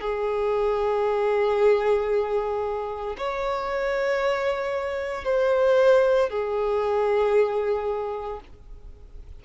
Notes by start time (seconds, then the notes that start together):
0.00 G#4
3.17 C#5
5.24 C5
6.29 G#4